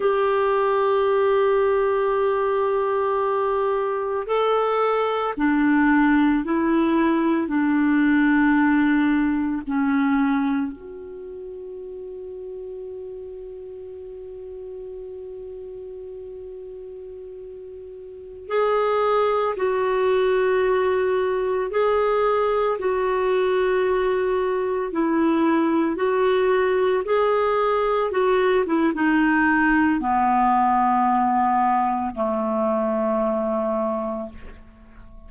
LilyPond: \new Staff \with { instrumentName = "clarinet" } { \time 4/4 \tempo 4 = 56 g'1 | a'4 d'4 e'4 d'4~ | d'4 cis'4 fis'2~ | fis'1~ |
fis'4~ fis'16 gis'4 fis'4.~ fis'16~ | fis'16 gis'4 fis'2 e'8.~ | e'16 fis'4 gis'4 fis'8 e'16 dis'4 | b2 a2 | }